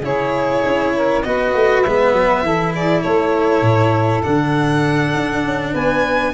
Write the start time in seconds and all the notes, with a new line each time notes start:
0.00 C#3 E4 G#4 C#5
0.65 C#4
0.96 A#4
1.23 B3 F#4 B4 D#5
1.54 A3
1.82 G#3 B3 E5
2.13 F#3
2.43 E3 E4 A4
2.73 G#4 D5
3.01 A3 A4 C#5
3.62 A2
4.23 D3 D4 F#5
5.14 D4
5.44 C#4
5.72 B3 B4 G#5